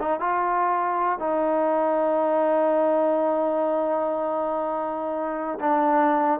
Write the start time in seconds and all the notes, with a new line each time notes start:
0.00 D#4
0.20 F4
1.19 D#4
5.60 D4